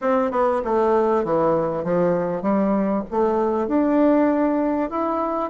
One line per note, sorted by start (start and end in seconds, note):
0.01 0.31 C4
0.31 0.61 B3
0.64 1.24 A3
1.24 1.84 E3
1.84 2.42 F3
2.42 3.03 G3
3.10 3.67 A3
3.67 4.90 D4
4.90 5.50 E4